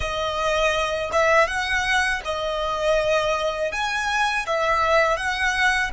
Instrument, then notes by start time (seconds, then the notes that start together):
violin
0.00 D#5
1.12 E5
1.47 F#5
2.24 D#5
3.71 G#5
4.46 E5
5.16 F#5